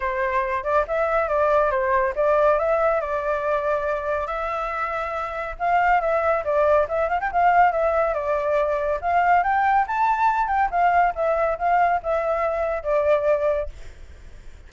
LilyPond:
\new Staff \with { instrumentName = "flute" } { \time 4/4 \tempo 4 = 140 c''4. d''8 e''4 d''4 | c''4 d''4 e''4 d''4~ | d''2 e''2~ | e''4 f''4 e''4 d''4 |
e''8 f''16 g''16 f''4 e''4 d''4~ | d''4 f''4 g''4 a''4~ | a''8 g''8 f''4 e''4 f''4 | e''2 d''2 | }